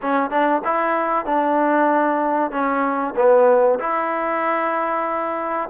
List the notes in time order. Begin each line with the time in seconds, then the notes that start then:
0.01 C#4
0.30 D4
0.64 E4
1.25 D4
2.51 C#4
3.16 B3
3.79 E4